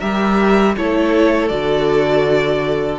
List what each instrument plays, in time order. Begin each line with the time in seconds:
0.00 cello G3, viola G4, violin A#4 E5
0.77 cello A3, viola E4, violin A4 C#5
1.49 cello D3, viola F#4, violin D5